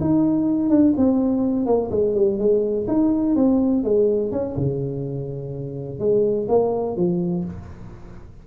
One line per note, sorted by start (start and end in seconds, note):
0.00 0.69 D#4
0.69 0.93 D4
0.96 1.65 C4
1.65 1.89 A#3
1.90 2.14 G#3
2.15 2.38 G3
2.38 2.86 G#3
2.87 3.35 D#4
3.35 3.83 C4
3.83 4.31 G#3
4.31 4.55 C#4
4.56 5.99 C#3
5.99 6.47 G#3
6.48 6.96 A#3
6.96 7.44 F3